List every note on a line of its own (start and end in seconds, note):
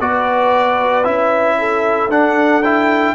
0.00 1.05 B3
0.00 1.04 F#4
0.00 1.58 B4
0.00 1.04 D5
1.04 2.08 C#4
1.04 2.09 E4
1.04 2.09 E5
1.59 3.15 A4
2.08 3.14 D4
2.08 2.62 D4
2.08 2.62 F#5
2.62 3.15 E4
2.62 3.15 G5